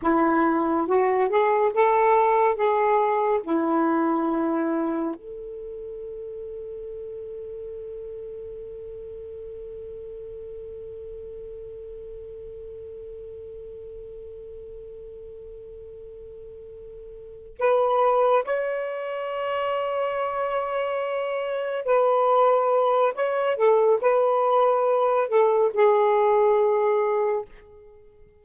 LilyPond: \new Staff \with { instrumentName = "saxophone" } { \time 4/4 \tempo 4 = 70 e'4 fis'8 gis'8 a'4 gis'4 | e'2 a'2~ | a'1~ | a'1~ |
a'1~ | a'8 b'4 cis''2~ cis''8~ | cis''4. b'4. cis''8 a'8 | b'4. a'8 gis'2 | }